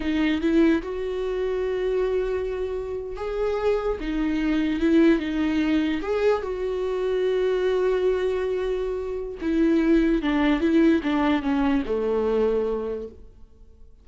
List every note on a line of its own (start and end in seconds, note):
0.00 0.41 D#4
0.41 0.82 E4
0.82 3.16 F#4
3.16 3.98 G#4
4.00 4.79 D#4
4.79 5.19 E4
5.19 6.01 D#4
6.01 6.42 G#4
6.42 9.38 F#4
9.41 10.22 E4
10.22 10.60 D4
10.60 11.01 E4
11.03 11.42 D4
11.42 11.83 C#4
11.85 13.07 A3